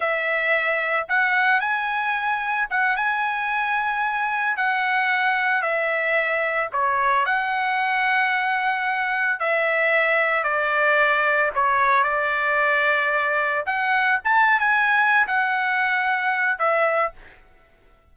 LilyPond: \new Staff \with { instrumentName = "trumpet" } { \time 4/4 \tempo 4 = 112 e''2 fis''4 gis''4~ | gis''4 fis''8 gis''2~ gis''8~ | gis''8 fis''2 e''4.~ | e''8 cis''4 fis''2~ fis''8~ |
fis''4. e''2 d''8~ | d''4. cis''4 d''4.~ | d''4. fis''4 a''8. gis''8.~ | gis''8 fis''2~ fis''8 e''4 | }